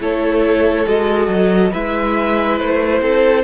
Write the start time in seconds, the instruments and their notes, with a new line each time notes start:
0.00 cello A3, viola E4, violin A4 C#5
0.86 cello G#3, viola F#4, violin D#5
1.28 cello F#3
1.72 cello G#3, viola E4, violin B4 E5
2.59 cello A3, violin C5
3.01 cello C4, violin A4